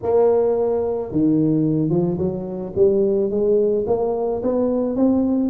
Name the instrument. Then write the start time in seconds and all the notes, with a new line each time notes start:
tuba
0.02 A#3
1.11 D#3
1.89 F3
2.18 F#3
2.75 G3
3.30 G#3
3.87 A#3
4.42 B3
4.96 C4